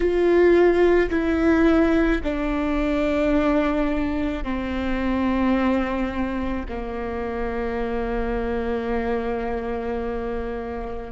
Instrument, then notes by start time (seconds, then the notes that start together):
viola
0.00 F4
1.10 E4
2.23 D4
4.43 C4
6.69 A#3